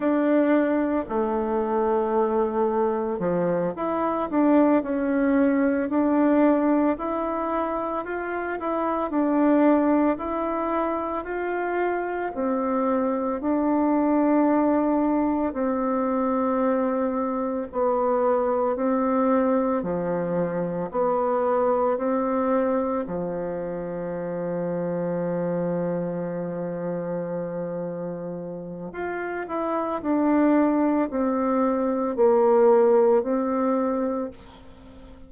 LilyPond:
\new Staff \with { instrumentName = "bassoon" } { \time 4/4 \tempo 4 = 56 d'4 a2 f8 e'8 | d'8 cis'4 d'4 e'4 f'8 | e'8 d'4 e'4 f'4 c'8~ | c'8 d'2 c'4.~ |
c'8 b4 c'4 f4 b8~ | b8 c'4 f2~ f8~ | f2. f'8 e'8 | d'4 c'4 ais4 c'4 | }